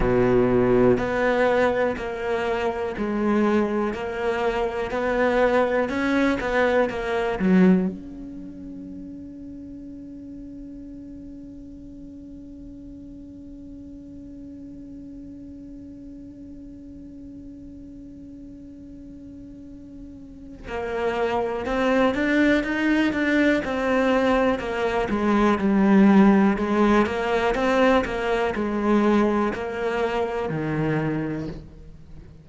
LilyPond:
\new Staff \with { instrumentName = "cello" } { \time 4/4 \tempo 4 = 61 b,4 b4 ais4 gis4 | ais4 b4 cis'8 b8 ais8 fis8 | cis'1~ | cis'1~ |
cis'1~ | cis'4 ais4 c'8 d'8 dis'8 d'8 | c'4 ais8 gis8 g4 gis8 ais8 | c'8 ais8 gis4 ais4 dis4 | }